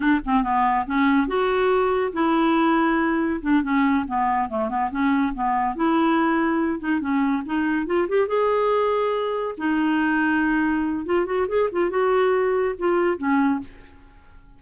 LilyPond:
\new Staff \with { instrumentName = "clarinet" } { \time 4/4 \tempo 4 = 141 d'8 c'8 b4 cis'4 fis'4~ | fis'4 e'2. | d'8 cis'4 b4 a8 b8 cis'8~ | cis'8 b4 e'2~ e'8 |
dis'8 cis'4 dis'4 f'8 g'8 gis'8~ | gis'2~ gis'8 dis'4.~ | dis'2 f'8 fis'8 gis'8 f'8 | fis'2 f'4 cis'4 | }